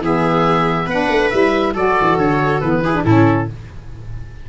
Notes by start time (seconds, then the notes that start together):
0.00 E3 B3 G#4 E5
0.86 B3 D4 B4 F#5
1.09 A3
1.30 G3 E4 E5
1.73 F#3 F#4 A4 D5
2.01 E3
2.17 D3 C#5
2.60 E3 B3 B4
2.84 E4 G#4
2.94 D4
3.04 A2 C#4 E4 A4